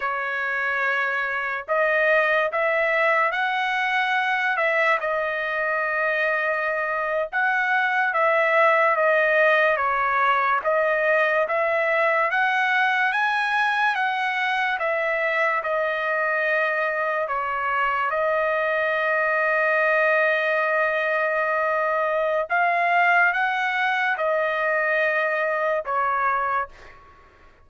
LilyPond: \new Staff \with { instrumentName = "trumpet" } { \time 4/4 \tempo 4 = 72 cis''2 dis''4 e''4 | fis''4. e''8 dis''2~ | dis''8. fis''4 e''4 dis''4 cis''16~ | cis''8. dis''4 e''4 fis''4 gis''16~ |
gis''8. fis''4 e''4 dis''4~ dis''16~ | dis''8. cis''4 dis''2~ dis''16~ | dis''2. f''4 | fis''4 dis''2 cis''4 | }